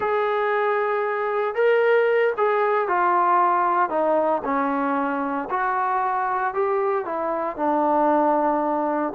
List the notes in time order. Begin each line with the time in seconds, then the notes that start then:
0.00 G#4
1.55 A#4
2.37 G#4
2.87 F4
3.89 D#4
4.44 C#4
5.49 F#4
6.54 G4
7.05 E4
7.56 D4